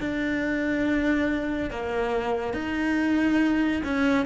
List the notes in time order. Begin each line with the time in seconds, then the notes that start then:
0.00 D4
1.70 A#3
2.53 D#4
3.84 C#4